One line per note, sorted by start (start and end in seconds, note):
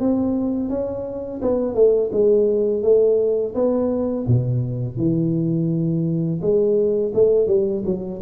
0.00 0.70 C4
0.70 1.41 C#4
1.42 1.75 B3
1.75 2.10 A3
2.12 2.83 G#3
2.83 3.54 A3
3.55 4.26 B3
4.28 4.97 B2
4.97 6.40 E3
6.42 7.13 G#3
7.14 7.47 A3
7.47 7.83 G3
7.86 8.21 F#3